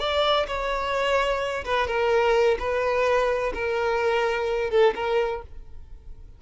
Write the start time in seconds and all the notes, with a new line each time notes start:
0.00 D5
0.48 C#5
1.65 B4
1.87 A#4
2.60 B4
3.54 A#4
4.71 A4
4.96 A#4